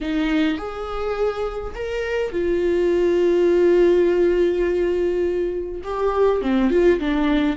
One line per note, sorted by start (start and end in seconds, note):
0.01 0.57 D#4
0.57 1.74 G#4
1.74 2.32 A#4
2.32 5.81 F4
5.83 6.41 G4
6.41 6.70 C4
6.70 6.99 F4
6.99 7.56 D4